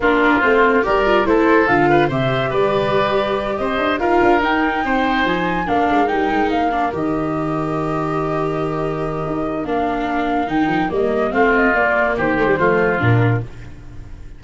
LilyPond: <<
  \new Staff \with { instrumentName = "flute" } { \time 4/4 \tempo 4 = 143 ais'4 c''4 d''4 c''4 | f''4 e''4 d''2~ | d''8 dis''4 f''4 g''4.~ | g''8 gis''4 f''4 g''4 f''8~ |
f''8 dis''2.~ dis''8~ | dis''2. f''4~ | f''4 g''4 dis''4 f''8 dis''8 | d''4 c''2 ais'4 | }
  \new Staff \with { instrumentName = "oboe" } { \time 4/4 f'2 ais'4 a'4~ | a'8 b'8 c''4 b'2~ | b'8 c''4 ais'2 c''8~ | c''4. ais'2~ ais'8~ |
ais'1~ | ais'1~ | ais'2. f'4~ | f'4 g'4 f'2 | }
  \new Staff \with { instrumentName = "viola" } { \time 4/4 d'4 c'4 g'8 f'8 e'4 | f'4 g'2.~ | g'4. f'4 dis'4.~ | dis'4. d'4 dis'4. |
d'8 g'2.~ g'8~ | g'2. d'4~ | d'4 dis'4 ais4 c'4 | ais4. a16 g16 a4 d'4 | }
  \new Staff \with { instrumentName = "tuba" } { \time 4/4 ais4 a4 g4 a4 | d4 c4 g2~ | g8 c'8 d'8 dis'8 d'8 dis'4 c'8~ | c'8 f4 ais8 gis8 g8 gis8 ais8~ |
ais8 dis2.~ dis8~ | dis2 dis'4 ais4~ | ais4 dis8 f8 g4 a4 | ais4 dis4 f4 ais,4 | }
>>